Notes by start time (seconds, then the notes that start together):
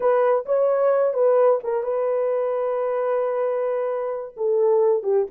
0.00 B4
0.45 C#5
1.13 B4
1.63 A#4
1.83 B4
4.37 A4
5.03 G4